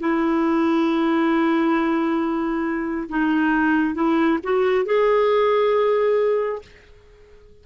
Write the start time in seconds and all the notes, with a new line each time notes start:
0.00 E4
3.09 D#4
3.95 E4
4.44 F#4
4.85 G#4